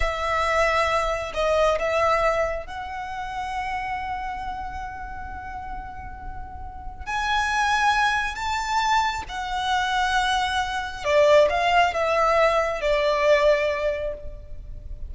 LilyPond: \new Staff \with { instrumentName = "violin" } { \time 4/4 \tempo 4 = 136 e''2. dis''4 | e''2 fis''2~ | fis''1~ | fis''1 |
gis''2. a''4~ | a''4 fis''2.~ | fis''4 d''4 f''4 e''4~ | e''4 d''2. | }